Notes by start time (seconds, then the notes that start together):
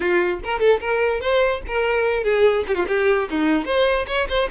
0.00 F4
0.44 A#4
0.59 A4
0.80 A#4
1.20 C5
1.67 A#4
2.23 G#4
2.67 G4
2.74 F4
2.87 G4
3.30 D#4
3.65 C5
4.07 C#5
4.29 C5